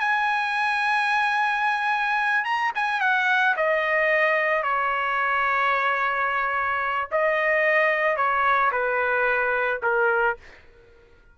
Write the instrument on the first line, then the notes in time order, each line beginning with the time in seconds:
trumpet
0.00 G#5
2.45 A#5
2.75 G#5
3.01 F#5
3.57 D#5
4.63 C#5
7.12 D#5
8.17 C#5
8.72 B4
9.83 A#4